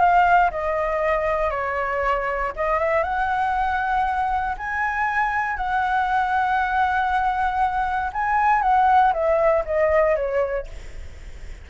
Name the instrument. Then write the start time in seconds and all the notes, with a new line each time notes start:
flute
0.00 F5
0.51 D#5
1.51 C#5
2.57 D#5
2.80 E5
3.04 F#5
4.58 G#5
5.57 F#5
8.14 G#5
8.63 F#5
9.14 E5
9.66 D#5
10.16 C#5